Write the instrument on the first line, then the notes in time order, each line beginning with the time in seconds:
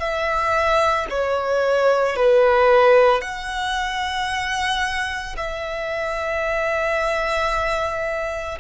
violin
0.00 E5
1.10 C#5
2.17 B4
3.22 F#5
5.38 E5